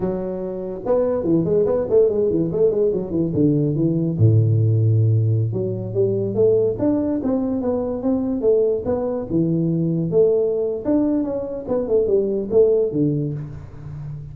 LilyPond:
\new Staff \with { instrumentName = "tuba" } { \time 4/4 \tempo 4 = 144 fis2 b4 e8 gis8 | b8 a8 gis8 e8 a8 gis8 fis8 e8 | d4 e4 a,2~ | a,4~ a,16 fis4 g4 a8.~ |
a16 d'4 c'4 b4 c'8.~ | c'16 a4 b4 e4.~ e16~ | e16 a4.~ a16 d'4 cis'4 | b8 a8 g4 a4 d4 | }